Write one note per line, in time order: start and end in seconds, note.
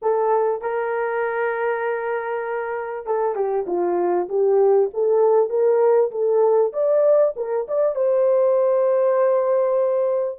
0.02 0.61 A4
0.61 3.06 A#4
3.06 3.35 A4
3.35 3.65 G4
3.67 4.28 F4
4.29 4.90 G4
4.93 5.49 A4
5.49 6.11 A#4
6.11 6.72 A4
6.72 7.34 D5
7.36 7.66 A#4
7.68 7.95 D5
7.95 10.39 C5